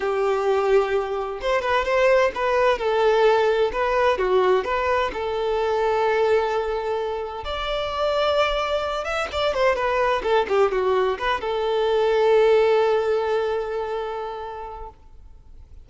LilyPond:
\new Staff \with { instrumentName = "violin" } { \time 4/4 \tempo 4 = 129 g'2. c''8 b'8 | c''4 b'4 a'2 | b'4 fis'4 b'4 a'4~ | a'1 |
d''2.~ d''8 e''8 | d''8 c''8 b'4 a'8 g'8 fis'4 | b'8 a'2.~ a'8~ | a'1 | }